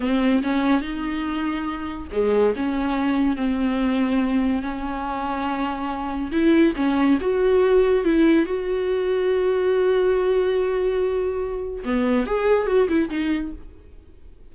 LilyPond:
\new Staff \with { instrumentName = "viola" } { \time 4/4 \tempo 4 = 142 c'4 cis'4 dis'2~ | dis'4 gis4 cis'2 | c'2. cis'4~ | cis'2. e'4 |
cis'4 fis'2 e'4 | fis'1~ | fis'1 | b4 gis'4 fis'8 e'8 dis'4 | }